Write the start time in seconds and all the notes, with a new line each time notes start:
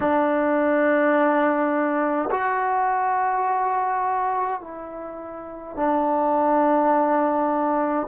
0.00 D4
2.30 F#4
4.60 E4
5.76 D4